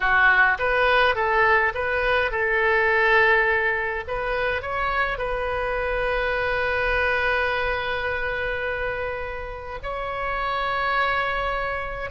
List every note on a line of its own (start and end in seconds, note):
0.00 0.58 F#4
0.58 1.15 B4
1.15 1.73 A4
1.74 2.31 B4
2.31 4.04 A4
4.07 4.62 B4
4.62 5.17 C#5
5.17 9.79 B4
9.82 12.10 C#5